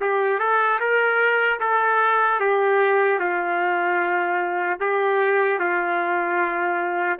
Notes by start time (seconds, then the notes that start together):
0.00 G4
0.39 A4
0.79 A#4
1.60 A4
2.40 G4
3.19 F4
4.80 G4
5.59 F4